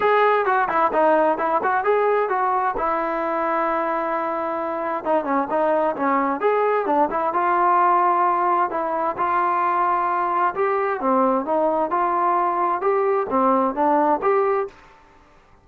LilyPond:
\new Staff \with { instrumentName = "trombone" } { \time 4/4 \tempo 4 = 131 gis'4 fis'8 e'8 dis'4 e'8 fis'8 | gis'4 fis'4 e'2~ | e'2. dis'8 cis'8 | dis'4 cis'4 gis'4 d'8 e'8 |
f'2. e'4 | f'2. g'4 | c'4 dis'4 f'2 | g'4 c'4 d'4 g'4 | }